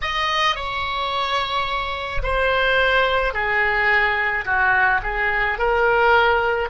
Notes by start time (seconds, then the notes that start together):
0.01 D#5
0.55 C#5
2.22 C5
3.33 G#4
4.44 F#4
5.03 G#4
5.58 A#4